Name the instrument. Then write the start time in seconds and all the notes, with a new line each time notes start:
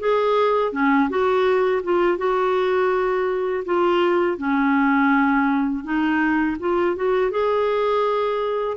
clarinet
0.00 G#4
0.73 C#4
1.10 F#4
1.84 F4
2.18 F#4
3.66 F4
4.38 C#4
5.84 D#4
6.60 F4
6.96 F#4
7.31 G#4